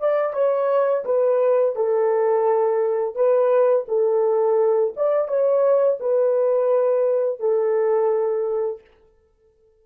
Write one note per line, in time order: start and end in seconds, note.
0.00 0.33 D5
0.33 1.04 C#5
1.05 1.76 B4
1.76 3.15 A4
3.15 3.86 B4
3.88 4.94 A4
4.96 5.28 D5
5.28 5.99 C#5
6.00 7.40 B4
7.40 8.81 A4